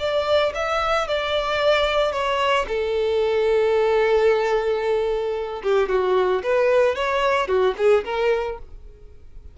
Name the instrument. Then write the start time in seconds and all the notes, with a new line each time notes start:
violin
0.00 D5
0.55 E5
1.08 D5
2.13 C#5
2.68 A4
5.64 G4
5.90 F#4
6.43 B4
6.96 C#5
7.49 F#4
7.78 G#4
8.05 A#4